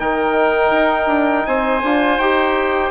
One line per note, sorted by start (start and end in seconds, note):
0.00 0.71 D#3
0.00 1.83 D#4
0.00 1.47 A#4
0.00 1.46 G5
0.71 1.07 D#4
1.07 1.44 D4
1.46 1.83 C4
1.46 2.91 C5
1.46 2.19 G#5
1.83 2.18 D4
1.83 2.22 F4
2.18 2.91 D#4
2.18 2.91 G4
2.18 2.91 G5